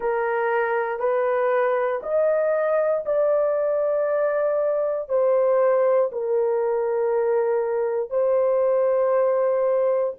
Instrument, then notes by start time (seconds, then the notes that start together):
horn
0.00 A#4
0.99 B4
2.02 D#5
3.05 D5
5.08 C5
6.12 A#4
8.10 C5